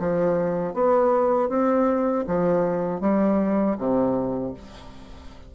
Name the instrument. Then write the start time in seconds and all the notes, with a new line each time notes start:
bassoon
0.00 F3
0.75 B3
1.49 C4
2.28 F3
3.01 G3
3.78 C3